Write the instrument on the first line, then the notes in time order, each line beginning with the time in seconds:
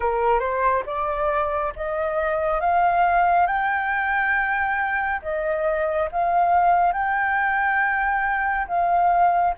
flute
0.00 A#4
0.39 C5
0.86 D5
1.76 D#5
2.60 F5
3.46 G5
5.22 D#5
6.11 F5
6.92 G5
8.67 F5